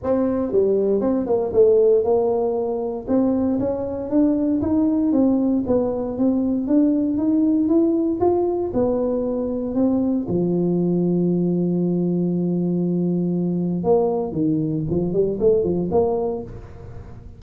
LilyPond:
\new Staff \with { instrumentName = "tuba" } { \time 4/4 \tempo 4 = 117 c'4 g4 c'8 ais8 a4 | ais2 c'4 cis'4 | d'4 dis'4 c'4 b4 | c'4 d'4 dis'4 e'4 |
f'4 b2 c'4 | f1~ | f2. ais4 | dis4 f8 g8 a8 f8 ais4 | }